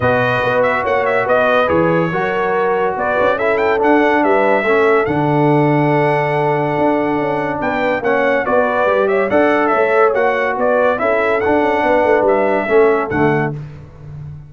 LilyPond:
<<
  \new Staff \with { instrumentName = "trumpet" } { \time 4/4 \tempo 4 = 142 dis''4. e''8 fis''8 e''8 dis''4 | cis''2. d''4 | e''8 g''8 fis''4 e''2 | fis''1~ |
fis''2 g''4 fis''4 | d''4. e''8 fis''4 e''4 | fis''4 d''4 e''4 fis''4~ | fis''4 e''2 fis''4 | }
  \new Staff \with { instrumentName = "horn" } { \time 4/4 b'2 cis''4 b'4~ | b'4 ais'2 b'4 | a'2 b'4 a'4~ | a'1~ |
a'2 b'4 cis''4 | b'4. cis''8 d''4 cis''4~ | cis''4 b'4 a'2 | b'2 a'2 | }
  \new Staff \with { instrumentName = "trombone" } { \time 4/4 fis'1 | gis'4 fis'2. | e'4 d'2 cis'4 | d'1~ |
d'2. cis'4 | fis'4 g'4 a'2 | fis'2 e'4 d'4~ | d'2 cis'4 a4 | }
  \new Staff \with { instrumentName = "tuba" } { \time 4/4 b,4 b4 ais4 b4 | e4 fis2 b8 cis'8~ | cis'4 d'4 g4 a4 | d1 |
d'4 cis'4 b4 ais4 | b4 g4 d'4 a4 | ais4 b4 cis'4 d'8 cis'8 | b8 a8 g4 a4 d4 | }
>>